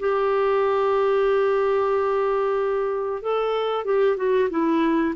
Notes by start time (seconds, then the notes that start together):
0.00 G4
3.23 A4
3.85 G4
4.17 F#4
4.50 E4